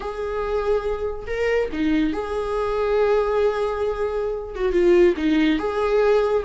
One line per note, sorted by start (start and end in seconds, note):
0.00 1.26 G#4
1.27 1.69 A#4
1.72 2.12 D#4
2.12 4.55 G#4
4.55 4.72 F#4
4.72 5.14 F4
5.17 5.59 D#4
5.59 6.43 G#4